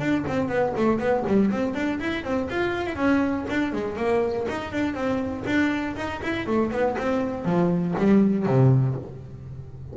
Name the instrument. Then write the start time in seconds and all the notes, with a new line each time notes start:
double bass
0.00 D4
0.28 C4
0.49 B3
0.78 A3
0.99 B3
1.27 G3
1.51 C4
1.75 D4
2.00 E4
2.24 C4
2.50 F4
2.87 E4
2.96 C#4
3.50 D4
3.73 G#3
3.97 A#3
4.49 D#4
4.73 D4
4.95 C4
5.47 D4
5.97 D#4
6.23 E4
6.47 A3
6.72 B3
6.98 C4
7.45 F3
7.98 G3
8.46 C3